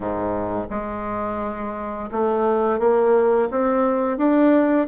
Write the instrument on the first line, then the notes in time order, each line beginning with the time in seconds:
bassoon
0.00 G#2
0.70 G#3
2.11 A3
2.79 A#3
3.50 C4
4.17 D4